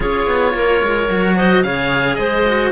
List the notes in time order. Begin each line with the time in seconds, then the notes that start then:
0.00 C#4 F4 G#4 C#5
0.26 B3
0.53 A#3 A#4
0.82 G#3
1.09 F#3 F#4
1.36 C5 D#5
1.62 C#3 G#4 C#5 F5
2.15 G#3 C5 D#5
2.46 F#4